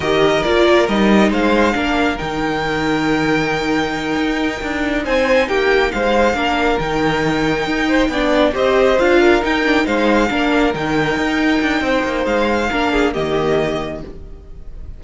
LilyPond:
<<
  \new Staff \with { instrumentName = "violin" } { \time 4/4 \tempo 4 = 137 dis''4 d''4 dis''4 f''4~ | f''4 g''2.~ | g''2.~ g''8 gis''8~ | gis''8 g''4 f''2 g''8~ |
g''2.~ g''8 dis''8~ | dis''8 f''4 g''4 f''4.~ | f''8 g''2.~ g''8 | f''2 dis''2 | }
  \new Staff \with { instrumentName = "violin" } { \time 4/4 ais'2. c''4 | ais'1~ | ais'2.~ ais'8 c''8~ | c''8 g'4 c''4 ais'4.~ |
ais'2 c''8 d''4 c''8~ | c''4 ais'4. c''4 ais'8~ | ais'2. c''4~ | c''4 ais'8 gis'8 g'2 | }
  \new Staff \with { instrumentName = "viola" } { \time 4/4 g'4 f'4 dis'2 | d'4 dis'2.~ | dis'1~ | dis'2~ dis'8 d'4 dis'8~ |
dis'2~ dis'8 d'4 g'8~ | g'8 f'4 dis'8 d'8 dis'4 d'8~ | d'8 dis'2.~ dis'8~ | dis'4 d'4 ais2 | }
  \new Staff \with { instrumentName = "cello" } { \time 4/4 dis4 ais4 g4 gis4 | ais4 dis2.~ | dis4. dis'4 d'4 c'8~ | c'8 ais4 gis4 ais4 dis8~ |
dis4. dis'4 b4 c'8~ | c'8 d'4 dis'4 gis4 ais8~ | ais8 dis4 dis'4 d'8 c'8 ais8 | gis4 ais4 dis2 | }
>>